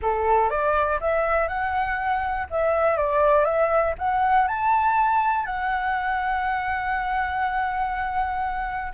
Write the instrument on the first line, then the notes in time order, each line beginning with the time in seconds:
flute
0.02 A4
0.50 D5
1.00 E5
1.47 F#5
2.50 E5
2.97 D5
3.45 E5
3.98 F#5
4.47 A5
5.45 F#5